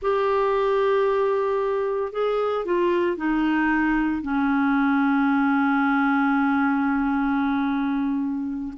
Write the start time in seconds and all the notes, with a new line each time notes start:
0.02 G4
2.12 G#4
2.65 F4
3.16 D#4
4.22 C#4